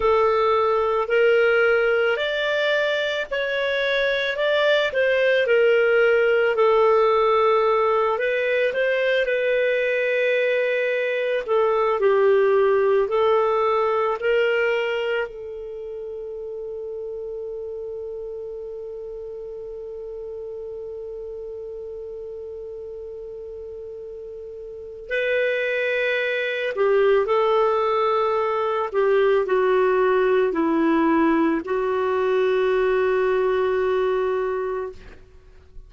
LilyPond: \new Staff \with { instrumentName = "clarinet" } { \time 4/4 \tempo 4 = 55 a'4 ais'4 d''4 cis''4 | d''8 c''8 ais'4 a'4. b'8 | c''8 b'2 a'8 g'4 | a'4 ais'4 a'2~ |
a'1~ | a'2. b'4~ | b'8 g'8 a'4. g'8 fis'4 | e'4 fis'2. | }